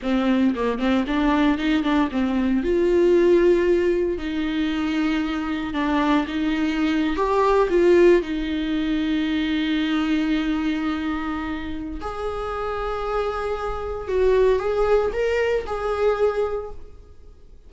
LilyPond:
\new Staff \with { instrumentName = "viola" } { \time 4/4 \tempo 4 = 115 c'4 ais8 c'8 d'4 dis'8 d'8 | c'4 f'2. | dis'2. d'4 | dis'4.~ dis'16 g'4 f'4 dis'16~ |
dis'1~ | dis'2. gis'4~ | gis'2. fis'4 | gis'4 ais'4 gis'2 | }